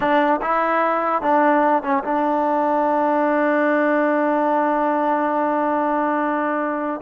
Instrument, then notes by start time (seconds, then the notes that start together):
trombone
0.00 D4
0.41 E4
1.21 D4
1.82 C#4
2.04 D4